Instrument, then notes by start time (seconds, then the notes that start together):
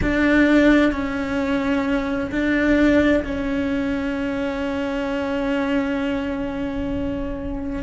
cello
0.02 D4
0.91 C#4
2.31 D4
3.23 C#4